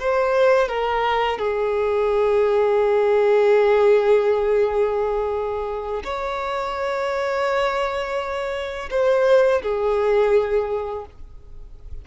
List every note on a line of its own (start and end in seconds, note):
0.00 0.69 C5
0.69 1.39 A#4
1.39 6.03 G#4
6.05 8.90 C#5
8.91 9.62 C5
9.63 11.06 G#4